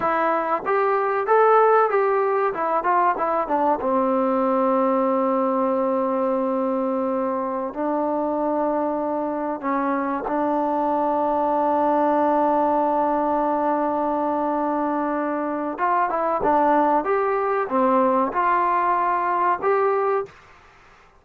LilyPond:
\new Staff \with { instrumentName = "trombone" } { \time 4/4 \tempo 4 = 95 e'4 g'4 a'4 g'4 | e'8 f'8 e'8 d'8 c'2~ | c'1~ | c'16 d'2. cis'8.~ |
cis'16 d'2.~ d'8.~ | d'1~ | d'4 f'8 e'8 d'4 g'4 | c'4 f'2 g'4 | }